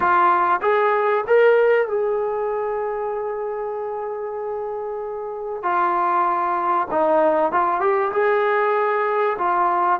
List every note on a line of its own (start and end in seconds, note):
0.00 0.60 F4
0.61 1.24 G#4
1.27 1.87 A#4
1.87 5.62 G#4
5.62 6.87 F4
6.90 7.51 D#4
7.51 7.80 F4
7.80 8.11 G4
8.12 9.37 G#4
9.38 10.00 F4